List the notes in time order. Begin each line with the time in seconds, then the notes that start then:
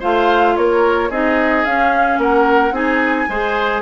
0.00 A3 F4 C5 F5
0.57 A#3 A#4 C#5
1.10 C4 D#4 G#4 D#5
1.65 C#4 F5
2.18 A#3 A#4 F#5
2.72 C4 D#4 G#4 G#5
3.29 G#3 G#4 C5